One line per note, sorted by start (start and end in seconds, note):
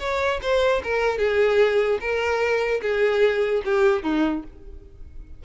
0.00 0.40 C#5
0.42 0.82 C5
0.84 1.18 A#4
1.18 1.99 G#4
2.01 2.81 A#4
2.82 3.63 G#4
3.65 4.03 G4
4.03 4.43 D#4